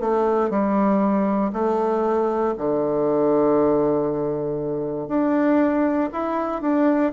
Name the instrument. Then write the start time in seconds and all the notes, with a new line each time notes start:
bassoon
0.00 A3
0.49 G3
1.53 A3
2.57 D3
5.08 D4
6.12 E4
6.61 D4